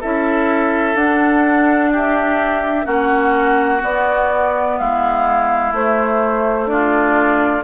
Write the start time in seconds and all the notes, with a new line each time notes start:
0.00 C#4 E4 A4 E5
0.95 D4 F#5
1.92 G4 E5
2.84 A#3 C#4 F#4 F#5
3.80 B3 D5
4.78 G#3 E4 F5
5.72 A3 C5
6.67 D4 F4 D5